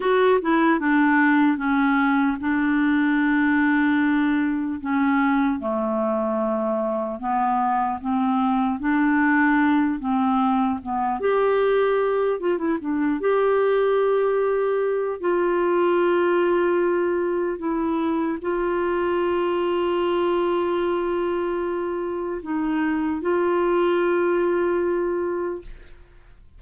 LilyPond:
\new Staff \with { instrumentName = "clarinet" } { \time 4/4 \tempo 4 = 75 fis'8 e'8 d'4 cis'4 d'4~ | d'2 cis'4 a4~ | a4 b4 c'4 d'4~ | d'8 c'4 b8 g'4. f'16 e'16 |
d'8 g'2~ g'8 f'4~ | f'2 e'4 f'4~ | f'1 | dis'4 f'2. | }